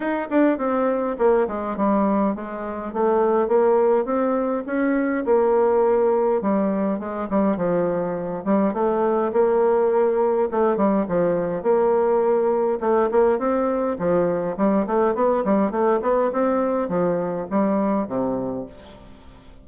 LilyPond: \new Staff \with { instrumentName = "bassoon" } { \time 4/4 \tempo 4 = 103 dis'8 d'8 c'4 ais8 gis8 g4 | gis4 a4 ais4 c'4 | cis'4 ais2 g4 | gis8 g8 f4. g8 a4 |
ais2 a8 g8 f4 | ais2 a8 ais8 c'4 | f4 g8 a8 b8 g8 a8 b8 | c'4 f4 g4 c4 | }